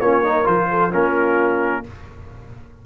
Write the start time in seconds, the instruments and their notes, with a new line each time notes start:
0.00 tuba A#3, trombone C#4, horn F4, trumpet C#5
0.23 trombone D#4, horn A#4
0.44 tuba F3, trombone F4, trumpet C5
0.70 horn A4
0.91 tuba A#3, trombone C#4, horn F4, trumpet A#4